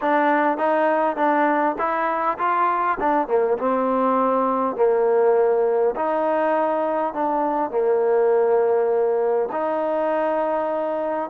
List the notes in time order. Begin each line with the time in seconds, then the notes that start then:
0.01 D4
0.57 D#4
1.16 D4
1.78 E4
2.38 F4
2.99 D4
3.27 A#3
3.58 C4
4.76 A#3
5.95 D#4
7.13 D4
7.71 A#3
9.52 D#4